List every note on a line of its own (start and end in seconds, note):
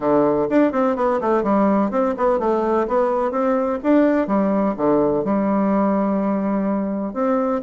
0.00 0.47 D3
0.49 0.72 D4
0.72 0.95 C4
0.96 1.19 B3
1.20 1.43 A3
1.43 1.90 G3
1.90 2.14 C4
2.17 2.39 B3
2.39 2.87 A3
2.87 3.31 B3
3.31 3.79 C4
3.83 4.27 D4
4.27 4.74 G3
4.76 5.24 D3
5.24 7.13 G3
7.13 7.61 C4